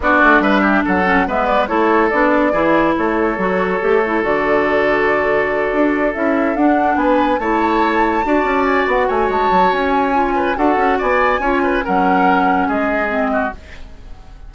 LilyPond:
<<
  \new Staff \with { instrumentName = "flute" } { \time 4/4 \tempo 4 = 142 d''4 e''4 fis''4 e''8 d''8 | cis''4 d''2 cis''4~ | cis''2 d''2~ | d''2~ d''8 e''4 fis''8~ |
fis''8 gis''4 a''2~ a''8~ | a''8 gis''8 fis''8 gis''8 a''4 gis''4~ | gis''4 fis''4 gis''2 | fis''2 dis''2 | }
  \new Staff \with { instrumentName = "oboe" } { \time 4/4 fis'4 b'8 g'8 a'4 b'4 | a'2 gis'4 a'4~ | a'1~ | a'1~ |
a'8 b'4 cis''2 d''8~ | d''4. cis''2~ cis''8~ | cis''8 b'8 a'4 d''4 cis''8 b'8 | ais'2 gis'4. fis'8 | }
  \new Staff \with { instrumentName = "clarinet" } { \time 4/4 d'2~ d'8 cis'8 b4 | e'4 d'4 e'2 | fis'4 g'8 e'8 fis'2~ | fis'2~ fis'8 e'4 d'8~ |
d'4. e'2 fis'8~ | fis'1 | f'4 fis'2 f'4 | cis'2. c'4 | }
  \new Staff \with { instrumentName = "bassoon" } { \time 4/4 b8 a8 g4 fis4 gis4 | a4 b4 e4 a4 | fis4 a4 d2~ | d4. d'4 cis'4 d'8~ |
d'8 b4 a2 d'8 | cis'4 b8 a8 gis8 fis8 cis'4~ | cis'4 d'8 cis'8 b4 cis'4 | fis2 gis2 | }
>>